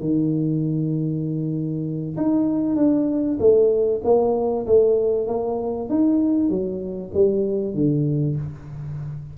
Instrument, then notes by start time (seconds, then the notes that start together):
tuba
0.00 D#3
2.17 D#4
2.76 D4
3.40 A3
4.04 A#3
4.66 A3
5.27 A#3
5.90 D#4
6.49 F#3
7.14 G3
7.74 D3